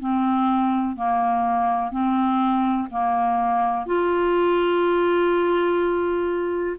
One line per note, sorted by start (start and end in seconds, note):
0.00 0.96 C4
0.96 1.92 A#3
1.92 2.89 C4
2.91 3.86 A#3
3.86 6.77 F4